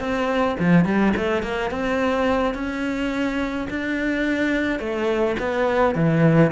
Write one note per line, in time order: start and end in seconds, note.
0.00 0.57 C4
0.60 0.85 F3
0.85 1.13 G3
1.17 1.43 A3
1.43 1.71 A#3
1.71 2.54 C4
2.54 3.67 C#4
3.70 4.80 D4
4.80 5.36 A3
5.40 5.95 B3
5.95 6.52 E3